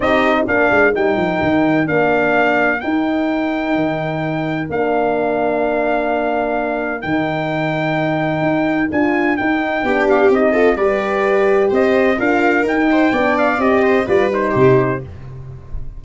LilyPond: <<
  \new Staff \with { instrumentName = "trumpet" } { \time 4/4 \tempo 4 = 128 dis''4 f''4 g''2 | f''2 g''2~ | g''2 f''2~ | f''2. g''4~ |
g''2. gis''4 | g''4. f''8 dis''4 d''4~ | d''4 dis''4 f''4 g''4~ | g''8 f''8 dis''4 d''8 c''4. | }
  \new Staff \with { instrumentName = "viola" } { \time 4/4 g'4 ais'2.~ | ais'1~ | ais'1~ | ais'1~ |
ais'1~ | ais'4 g'4. a'8 b'4~ | b'4 c''4 ais'4. c''8 | d''4. c''8 b'4 g'4 | }
  \new Staff \with { instrumentName = "horn" } { \time 4/4 dis'4 d'4 dis'2 | d'2 dis'2~ | dis'2 d'2~ | d'2. dis'4~ |
dis'2. f'4 | dis'4 d'4 dis'8 f'8 g'4~ | g'2 f'4 dis'4 | d'4 g'4 f'8 dis'4. | }
  \new Staff \with { instrumentName = "tuba" } { \time 4/4 c'4 ais8 gis8 g8 f8 dis4 | ais2 dis'2 | dis2 ais2~ | ais2. dis4~ |
dis2 dis'4 d'4 | dis'4 b4 c'4 g4~ | g4 c'4 d'4 dis'4 | b4 c'4 g4 c4 | }
>>